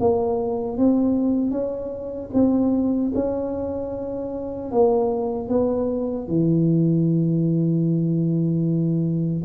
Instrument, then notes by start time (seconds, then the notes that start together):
tuba
0.00 A#3
0.78 C4
1.51 C#4
2.34 C4
3.15 C#4
4.72 A#3
5.49 B3
6.28 E3